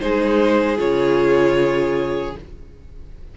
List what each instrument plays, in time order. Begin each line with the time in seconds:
0.00 cello G#3, viola D#4, violin G#4 C5
0.77 cello C#3, viola F4, violin C#5